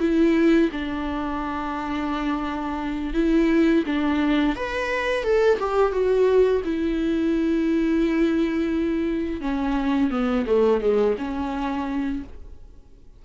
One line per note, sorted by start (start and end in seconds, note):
0.00 0.70 E4
0.72 3.14 D4
3.14 3.84 E4
3.87 4.56 D4
4.56 5.24 B4
5.24 5.59 A4
5.59 5.92 G4
5.92 6.62 F#4
6.65 9.41 E4
9.41 10.11 C#4
10.11 10.46 B3
10.47 10.81 A3
10.81 11.16 G#3
11.18 12.23 C#4